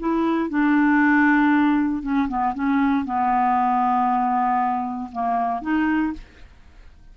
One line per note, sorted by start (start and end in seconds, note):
0.00 0.50 E4
0.50 2.03 D4
2.03 2.28 C#4
2.29 2.55 B3
2.55 3.05 C#4
3.05 5.10 B3
5.12 5.62 A#3
5.62 6.13 D#4